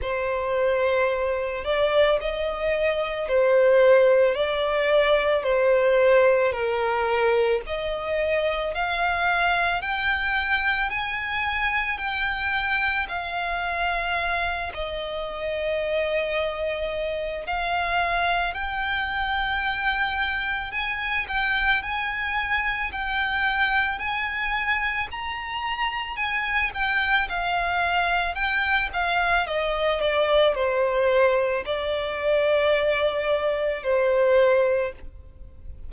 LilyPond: \new Staff \with { instrumentName = "violin" } { \time 4/4 \tempo 4 = 55 c''4. d''8 dis''4 c''4 | d''4 c''4 ais'4 dis''4 | f''4 g''4 gis''4 g''4 | f''4. dis''2~ dis''8 |
f''4 g''2 gis''8 g''8 | gis''4 g''4 gis''4 ais''4 | gis''8 g''8 f''4 g''8 f''8 dis''8 d''8 | c''4 d''2 c''4 | }